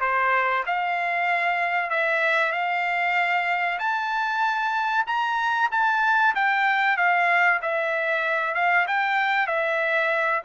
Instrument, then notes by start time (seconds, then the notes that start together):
trumpet
0.00 C5
0.66 F5
1.90 E5
2.52 F5
3.78 A5
5.06 A#5
5.71 A5
6.35 G5
6.96 F5
7.61 E5
8.54 F5
8.87 G5
9.47 E5